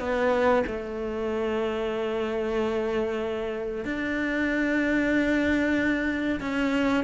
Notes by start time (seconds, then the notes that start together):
0.00 B3
0.67 A3
3.85 D4
6.41 C#4